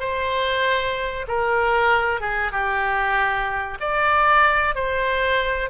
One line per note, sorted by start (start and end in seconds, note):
0.00 1.26 C5
1.28 2.21 A#4
2.21 2.52 G#4
2.52 3.78 G4
3.80 4.75 D5
4.75 5.70 C5